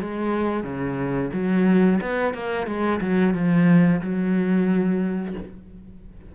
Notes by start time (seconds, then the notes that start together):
0.00 G#3
0.63 C#3
1.33 F#3
2.01 B3
2.34 A#3
2.66 G#3
3.00 F#3
3.34 F3
4.01 F#3